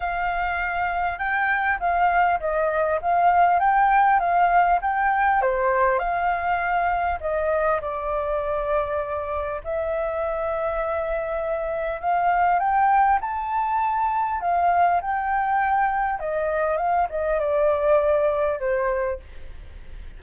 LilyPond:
\new Staff \with { instrumentName = "flute" } { \time 4/4 \tempo 4 = 100 f''2 g''4 f''4 | dis''4 f''4 g''4 f''4 | g''4 c''4 f''2 | dis''4 d''2. |
e''1 | f''4 g''4 a''2 | f''4 g''2 dis''4 | f''8 dis''8 d''2 c''4 | }